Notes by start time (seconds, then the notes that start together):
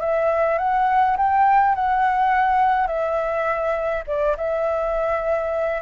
0.00 E5
0.58 F#5
1.17 G5
1.75 F#5
2.86 E5
4.07 D5
4.37 E5